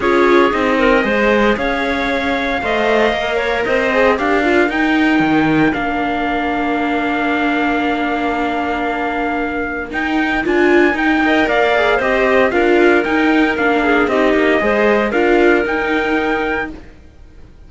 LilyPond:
<<
  \new Staff \with { instrumentName = "trumpet" } { \time 4/4 \tempo 4 = 115 cis''4 dis''2 f''4~ | f''2. dis''4 | f''4 g''2 f''4~ | f''1~ |
f''2. g''4 | gis''4 g''4 f''4 dis''4 | f''4 g''4 f''4 dis''4~ | dis''4 f''4 g''2 | }
  \new Staff \with { instrumentName = "clarinet" } { \time 4/4 gis'4. ais'8 c''4 cis''4~ | cis''4 dis''4. cis''8 c''4 | ais'1~ | ais'1~ |
ais'1~ | ais'4. dis''8 d''4 c''4 | ais'2~ ais'8 gis'8 g'4 | c''4 ais'2. | }
  \new Staff \with { instrumentName = "viola" } { \time 4/4 f'4 dis'4 gis'2~ | gis'4 c''4 ais'4. gis'8 | g'8 f'8 dis'2 d'4~ | d'1~ |
d'2. dis'4 | f'4 dis'8 ais'4 gis'8 g'4 | f'4 dis'4 d'4 dis'4 | gis'4 f'4 dis'2 | }
  \new Staff \with { instrumentName = "cello" } { \time 4/4 cis'4 c'4 gis4 cis'4~ | cis'4 a4 ais4 c'4 | d'4 dis'4 dis4 ais4~ | ais1~ |
ais2. dis'4 | d'4 dis'4 ais4 c'4 | d'4 dis'4 ais4 c'8 ais8 | gis4 d'4 dis'2 | }
>>